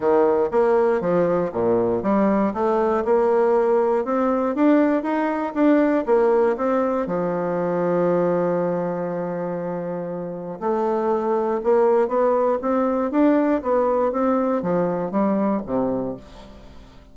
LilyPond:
\new Staff \with { instrumentName = "bassoon" } { \time 4/4 \tempo 4 = 119 dis4 ais4 f4 ais,4 | g4 a4 ais2 | c'4 d'4 dis'4 d'4 | ais4 c'4 f2~ |
f1~ | f4 a2 ais4 | b4 c'4 d'4 b4 | c'4 f4 g4 c4 | }